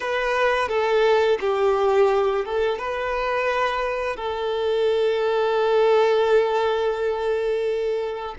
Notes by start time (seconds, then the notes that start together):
0.00 B4
0.68 A4
1.40 G4
2.45 A4
2.78 B4
4.16 A4